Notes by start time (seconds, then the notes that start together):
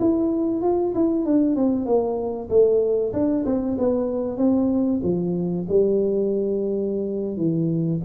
0.00 E4
0.62 F4
0.95 E4
1.26 D4
1.56 C4
1.86 A#3
2.50 A3
3.13 D4
3.46 C4
3.79 B3
4.38 C4
5.03 F3
5.69 G3
7.37 E3